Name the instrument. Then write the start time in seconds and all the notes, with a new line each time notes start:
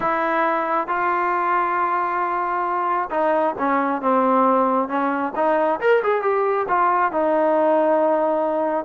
trombone
0.00 E4
0.87 F4
3.10 D#4
3.58 C#4
4.01 C4
4.88 C#4
5.35 D#4
5.80 A#4
6.03 G#4
6.22 G4
6.68 F4
7.12 D#4